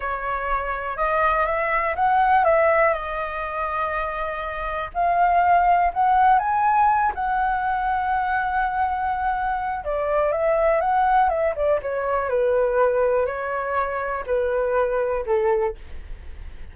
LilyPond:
\new Staff \with { instrumentName = "flute" } { \time 4/4 \tempo 4 = 122 cis''2 dis''4 e''4 | fis''4 e''4 dis''2~ | dis''2 f''2 | fis''4 gis''4. fis''4.~ |
fis''1 | d''4 e''4 fis''4 e''8 d''8 | cis''4 b'2 cis''4~ | cis''4 b'2 a'4 | }